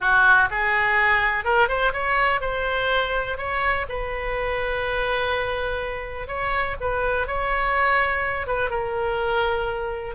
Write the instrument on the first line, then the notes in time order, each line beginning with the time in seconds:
oboe
0.00 F#4
0.50 G#4
1.44 A#4
1.68 C5
1.92 C#5
2.40 C5
3.37 C#5
3.88 B4
6.27 C#5
6.80 B4
7.27 C#5
8.47 B4
8.70 A#4